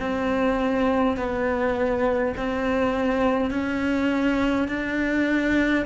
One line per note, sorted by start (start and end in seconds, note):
0.00 1.17 C4
1.17 2.35 B3
2.37 3.51 C4
3.51 4.68 C#4
4.68 5.86 D4